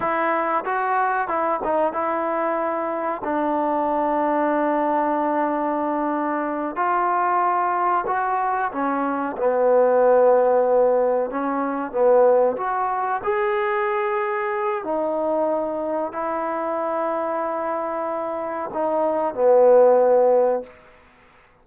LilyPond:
\new Staff \with { instrumentName = "trombone" } { \time 4/4 \tempo 4 = 93 e'4 fis'4 e'8 dis'8 e'4~ | e'4 d'2.~ | d'2~ d'8 f'4.~ | f'8 fis'4 cis'4 b4.~ |
b4. cis'4 b4 fis'8~ | fis'8 gis'2~ gis'8 dis'4~ | dis'4 e'2.~ | e'4 dis'4 b2 | }